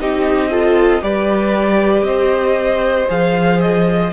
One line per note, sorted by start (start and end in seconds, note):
0.00 1.03 C4
0.00 0.50 D#4
0.00 0.51 G4
0.00 1.03 D#5
0.50 1.01 F4
0.50 1.02 A4
1.01 2.02 G3
1.01 3.08 G4
1.01 2.06 B4
1.01 2.03 D5
2.02 3.05 C4
2.02 4.12 C5
2.02 3.07 D#5
3.08 4.12 F3
3.08 4.12 G#4
3.08 3.61 F5
3.61 4.12 D#5